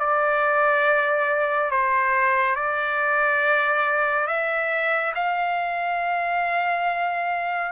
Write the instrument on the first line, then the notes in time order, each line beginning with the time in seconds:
trumpet
0.00 D5
1.71 C5
2.56 D5
4.27 E5
5.15 F5